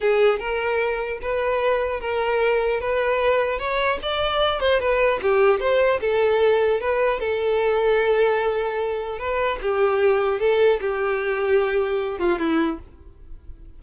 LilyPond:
\new Staff \with { instrumentName = "violin" } { \time 4/4 \tempo 4 = 150 gis'4 ais'2 b'4~ | b'4 ais'2 b'4~ | b'4 cis''4 d''4. c''8 | b'4 g'4 c''4 a'4~ |
a'4 b'4 a'2~ | a'2. b'4 | g'2 a'4 g'4~ | g'2~ g'8 f'8 e'4 | }